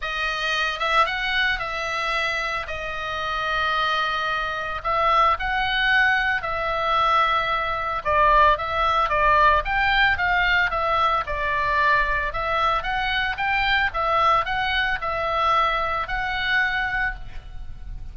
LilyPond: \new Staff \with { instrumentName = "oboe" } { \time 4/4 \tempo 4 = 112 dis''4. e''8 fis''4 e''4~ | e''4 dis''2.~ | dis''4 e''4 fis''2 | e''2. d''4 |
e''4 d''4 g''4 f''4 | e''4 d''2 e''4 | fis''4 g''4 e''4 fis''4 | e''2 fis''2 | }